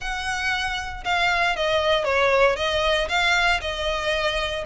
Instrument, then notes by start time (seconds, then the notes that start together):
violin
0.00 F#5
1.04 F5
1.56 D#5
2.04 C#5
2.56 D#5
3.08 F5
3.61 D#5